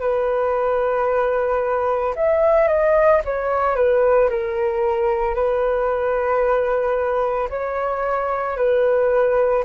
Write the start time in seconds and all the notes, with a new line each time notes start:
0.00 B4
2.16 E5
2.68 D#5
3.25 C#5
3.76 B4
4.30 A#4
5.35 B4
7.50 C#5
8.57 B4